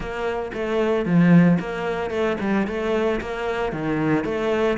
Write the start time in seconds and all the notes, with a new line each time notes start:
0.00 A#3
0.53 A3
1.05 F3
1.59 A#3
2.10 A3
2.40 G3
2.67 A3
3.20 A#3
3.72 D#3
4.24 A3